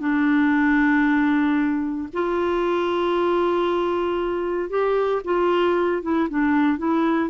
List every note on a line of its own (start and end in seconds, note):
0.00 2.09 D4
2.13 4.70 F4
4.70 5.22 G4
5.25 6.03 F4
6.03 6.29 E4
6.30 6.78 D4
6.78 7.30 E4